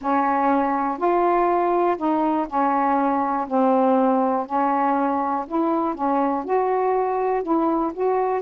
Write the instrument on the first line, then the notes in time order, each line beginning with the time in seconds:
saxophone
0.01 C#4
0.97 F4
1.97 D#4
2.48 C#4
3.47 C4
4.46 C#4
5.47 E4
5.94 C#4
6.44 F#4
7.42 E4
7.93 F#4